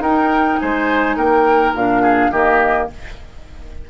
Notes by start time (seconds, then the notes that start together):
0.00 D#4 A#4 G5
0.59 G#3 C5 G#5
1.17 A#3 A#4 G5
1.75 A#2 D4 F5
2.02 G#4
2.32 D#3 A#3 G4 D#5